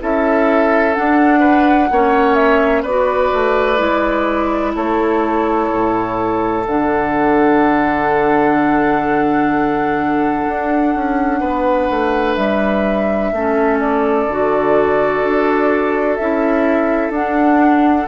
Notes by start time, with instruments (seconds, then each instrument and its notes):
0.00 bassoon C#4, clarinet E4, oboe A4, flute E5
0.94 clarinet D4, bassoon D4, flute F#5
1.40 oboe B4
1.90 bassoon A#3, clarinet C#4, oboe C#5
2.35 flute E5
2.82 bassoon B3, clarinet F#4, oboe B4, flute D5
3.33 bassoon A3
3.77 bassoon G#3, clarinet E4
4.75 bassoon A3, oboe A4, flute C#5
5.71 bassoon A2
6.66 bassoon D3, clarinet D4, flute F#5
10.48 bassoon D4
10.95 bassoon C#4
11.40 bassoon B3, oboe B4
11.90 bassoon A3
12.35 bassoon G3, flute E5
13.32 bassoon A3, clarinet C#4, oboe A4
13.80 flute D5
14.27 bassoon D3, clarinet F#4
15.24 bassoon D4
16.15 bassoon C#4, clarinet E4, flute E5
17.10 bassoon D4, clarinet D4, flute F#5